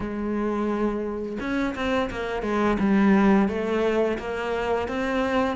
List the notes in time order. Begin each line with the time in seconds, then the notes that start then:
0.00 G#3
1.40 C#4
1.75 C4
2.10 A#3
2.42 G#3
2.79 G3
3.48 A3
4.18 A#3
4.88 C4